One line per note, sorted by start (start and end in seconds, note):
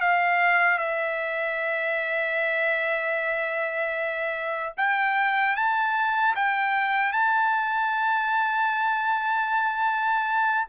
0.00 0.78 F5
0.78 4.73 E5
4.77 5.56 G5
5.56 6.35 A5
6.36 7.12 G5
7.12 10.67 A5